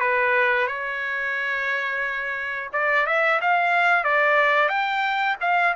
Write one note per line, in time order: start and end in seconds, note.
0.00 0.67 B4
0.67 2.70 C#5
2.73 3.06 D5
3.06 3.40 E5
3.41 4.04 F5
4.04 4.69 D5
4.69 5.36 G5
5.41 5.75 F5